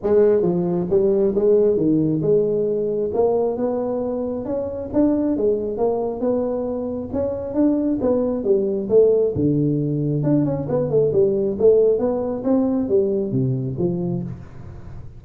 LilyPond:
\new Staff \with { instrumentName = "tuba" } { \time 4/4 \tempo 4 = 135 gis4 f4 g4 gis4 | dis4 gis2 ais4 | b2 cis'4 d'4 | gis4 ais4 b2 |
cis'4 d'4 b4 g4 | a4 d2 d'8 cis'8 | b8 a8 g4 a4 b4 | c'4 g4 c4 f4 | }